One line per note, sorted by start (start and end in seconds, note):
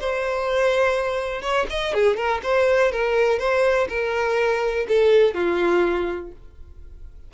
0.00 1.42 C5
1.42 1.66 C#5
1.70 1.94 D#5
1.94 2.16 G#4
2.16 2.41 A#4
2.43 2.92 C5
2.92 3.39 A#4
3.39 3.88 C5
3.89 4.86 A#4
4.88 5.34 A4
5.34 6.31 F4